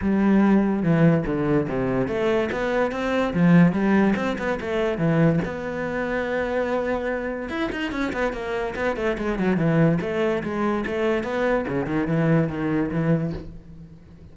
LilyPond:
\new Staff \with { instrumentName = "cello" } { \time 4/4 \tempo 4 = 144 g2 e4 d4 | c4 a4 b4 c'4 | f4 g4 c'8 b8 a4 | e4 b2.~ |
b2 e'8 dis'8 cis'8 b8 | ais4 b8 a8 gis8 fis8 e4 | a4 gis4 a4 b4 | cis8 dis8 e4 dis4 e4 | }